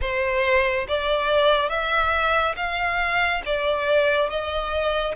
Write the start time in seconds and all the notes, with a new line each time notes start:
0.01 C5
0.88 D5
1.69 E5
2.56 F5
3.45 D5
4.29 D#5